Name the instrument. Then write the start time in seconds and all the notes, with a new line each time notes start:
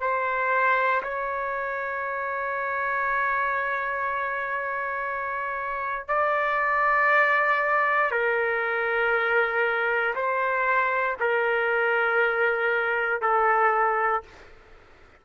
trumpet
0.00 C5
1.02 C#5
6.08 D5
8.11 A#4
10.15 C5
11.20 A#4
13.21 A4